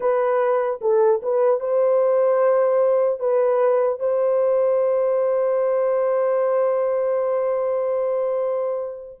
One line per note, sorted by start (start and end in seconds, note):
0.00 0.80 B4
0.81 1.21 A4
1.22 1.60 B4
1.60 3.19 C5
3.19 3.99 B4
3.99 9.19 C5